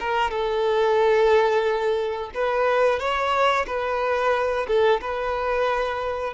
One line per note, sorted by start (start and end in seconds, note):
0.00 0.31 A#4
0.31 2.31 A4
2.34 2.99 B4
2.99 3.66 C#5
3.67 4.67 B4
4.67 5.01 A4
5.01 6.34 B4